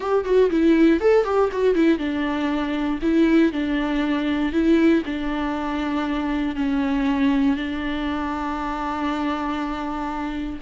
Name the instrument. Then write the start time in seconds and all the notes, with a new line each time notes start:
viola
0.00 G4
0.24 F#4
0.50 E4
1.00 A4
1.24 G4
1.52 F#4
1.75 E4
1.98 D4
3.02 E4
3.52 D4
4.52 E4
5.05 D4
6.55 C#4
7.56 D4